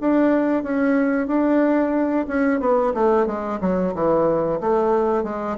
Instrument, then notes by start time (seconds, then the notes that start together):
bassoon
0.00 D4
0.63 C#4
1.27 D4
2.27 C#4
2.60 B3
2.94 A3
3.26 G#3
3.61 F#3
3.94 E3
4.60 A3
5.24 G#3